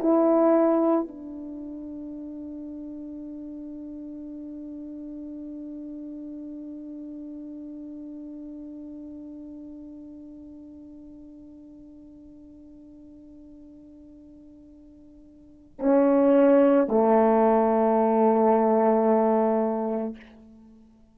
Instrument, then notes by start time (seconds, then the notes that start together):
horn
0.00 E4
1.08 D4
15.79 C#4
16.89 A3